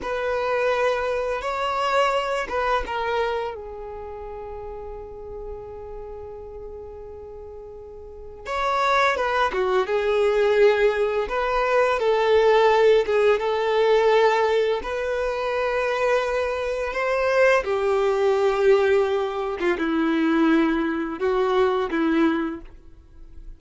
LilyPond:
\new Staff \with { instrumentName = "violin" } { \time 4/4 \tempo 4 = 85 b'2 cis''4. b'8 | ais'4 gis'2.~ | gis'1 | cis''4 b'8 fis'8 gis'2 |
b'4 a'4. gis'8 a'4~ | a'4 b'2. | c''4 g'2~ g'8. f'16 | e'2 fis'4 e'4 | }